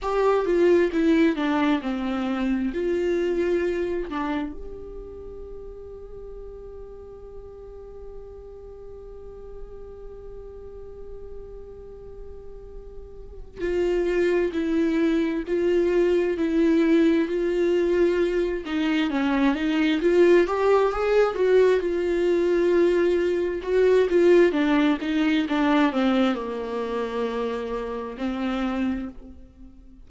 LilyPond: \new Staff \with { instrumentName = "viola" } { \time 4/4 \tempo 4 = 66 g'8 f'8 e'8 d'8 c'4 f'4~ | f'8 d'8 g'2.~ | g'1~ | g'2. f'4 |
e'4 f'4 e'4 f'4~ | f'8 dis'8 cis'8 dis'8 f'8 g'8 gis'8 fis'8 | f'2 fis'8 f'8 d'8 dis'8 | d'8 c'8 ais2 c'4 | }